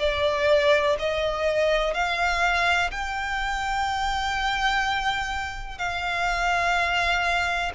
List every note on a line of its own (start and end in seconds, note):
0.00 0.97 D5
0.99 1.94 D#5
1.94 2.91 F5
2.92 5.78 G5
5.78 7.72 F5